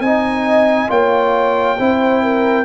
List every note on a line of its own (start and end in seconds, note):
0.00 0.88 C4
0.00 0.89 D#4
0.00 0.90 D#5
0.00 0.90 G#5
0.89 1.78 A#3
0.89 1.77 F4
0.89 1.78 C#5
0.89 2.65 G5
1.79 2.65 C4
1.79 2.65 E4
1.79 2.23 C5
2.23 2.65 A#4